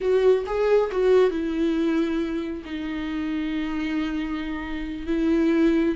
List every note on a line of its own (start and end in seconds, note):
0.00 0.44 F#4
0.46 0.90 G#4
0.91 1.30 F#4
1.30 2.62 E4
2.64 5.06 D#4
5.06 5.95 E4